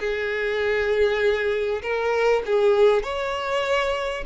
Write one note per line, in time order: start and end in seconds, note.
0.00 1.82 G#4
1.82 2.43 A#4
2.46 3.03 G#4
3.03 4.24 C#5